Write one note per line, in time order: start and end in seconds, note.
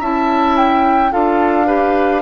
0.00 1.12 C#4
0.00 1.11 E4
0.00 1.11 E5
0.00 0.57 A5
0.57 1.12 G5
1.11 2.22 D4
1.11 1.66 F4
1.11 1.66 A4
1.11 2.22 F5
1.66 2.22 G4
1.66 2.22 B4